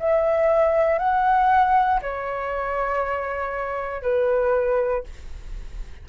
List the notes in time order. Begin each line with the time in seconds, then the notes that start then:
0.00 E5
0.99 F#5
2.02 C#5
4.03 B4